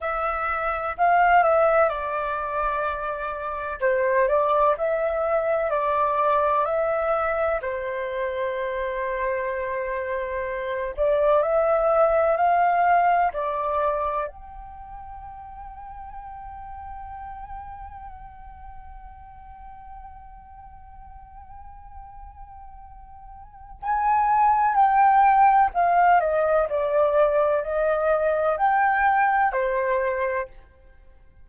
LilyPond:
\new Staff \with { instrumentName = "flute" } { \time 4/4 \tempo 4 = 63 e''4 f''8 e''8 d''2 | c''8 d''8 e''4 d''4 e''4 | c''2.~ c''8 d''8 | e''4 f''4 d''4 g''4~ |
g''1~ | g''1~ | g''4 gis''4 g''4 f''8 dis''8 | d''4 dis''4 g''4 c''4 | }